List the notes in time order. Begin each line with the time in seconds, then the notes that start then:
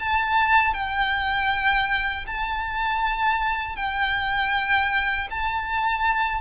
0.00 A5
0.74 G5
2.28 A5
3.77 G5
5.31 A5